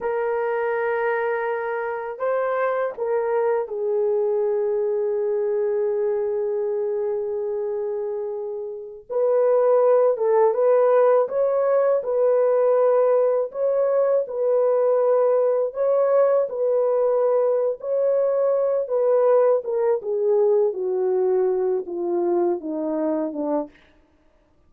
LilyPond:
\new Staff \with { instrumentName = "horn" } { \time 4/4 \tempo 4 = 81 ais'2. c''4 | ais'4 gis'2.~ | gis'1~ | gis'16 b'4. a'8 b'4 cis''8.~ |
cis''16 b'2 cis''4 b'8.~ | b'4~ b'16 cis''4 b'4.~ b'16 | cis''4. b'4 ais'8 gis'4 | fis'4. f'4 dis'4 d'8 | }